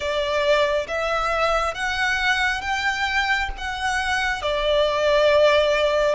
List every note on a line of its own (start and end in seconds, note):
0.00 0.86 D5
0.87 1.74 E5
1.74 2.61 F#5
2.61 3.49 G5
3.57 4.42 F#5
4.42 6.15 D5